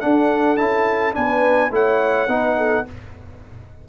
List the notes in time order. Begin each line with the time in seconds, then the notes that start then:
0.00 D4 A4 F#5
0.56 C#4 E4 A5
1.13 B3 D4 B4 G#5
1.71 A3 E4 C#5 F#5
2.27 B3 D#4 B4
2.57 A4